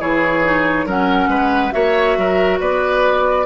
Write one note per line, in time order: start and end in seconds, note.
0.00 0.86 E3
0.00 0.43 E4
0.00 0.86 G#4
0.00 0.88 C#5
0.44 0.88 D#4
0.86 1.28 F#3
0.86 1.72 C#4
0.86 1.30 A#4
0.86 1.72 F#5
1.28 1.71 G#3
1.28 1.74 B4
1.72 2.18 A#3
1.72 3.46 F#4
1.72 2.18 C#5
1.72 2.59 E5
2.18 2.61 F#3
2.18 2.60 A#4
2.60 3.46 B3
2.60 3.46 B4
2.60 3.46 D5